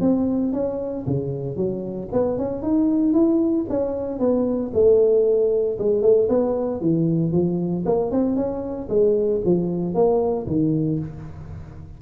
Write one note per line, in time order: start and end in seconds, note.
0.00 0.52 C4
0.53 1.05 C#4
1.06 1.56 C#3
1.56 2.08 F#3
2.12 2.38 B3
2.38 2.62 C#4
2.62 3.13 D#4
3.13 3.65 E4
3.69 4.19 C#4
4.19 4.71 B3
4.73 5.77 A3
5.78 6.02 G#3
6.02 6.28 A3
6.28 6.80 B3
6.80 7.32 E3
7.32 7.84 F3
7.85 8.11 A#3
8.11 8.36 C4
8.36 8.88 C#4
8.89 9.41 G#3
9.45 9.94 F3
9.94 10.46 A#3
10.47 10.99 D#3